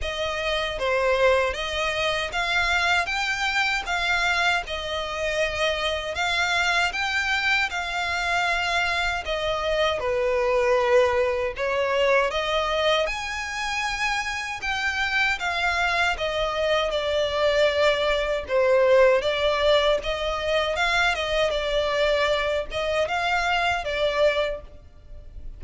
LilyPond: \new Staff \with { instrumentName = "violin" } { \time 4/4 \tempo 4 = 78 dis''4 c''4 dis''4 f''4 | g''4 f''4 dis''2 | f''4 g''4 f''2 | dis''4 b'2 cis''4 |
dis''4 gis''2 g''4 | f''4 dis''4 d''2 | c''4 d''4 dis''4 f''8 dis''8 | d''4. dis''8 f''4 d''4 | }